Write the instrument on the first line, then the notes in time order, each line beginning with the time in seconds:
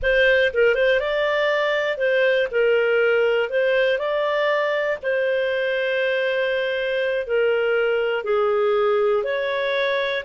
clarinet
0.02 C5
0.53 A#4
0.75 C5
1.00 D5
1.97 C5
2.51 A#4
3.49 C5
3.98 D5
5.02 C5
7.27 A#4
8.24 G#4
9.23 C#5